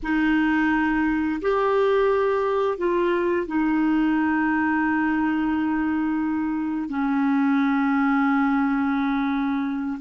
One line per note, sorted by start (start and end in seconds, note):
0.03 1.40 D#4
1.41 2.77 G4
2.77 3.46 F4
3.47 6.89 D#4
6.89 9.99 C#4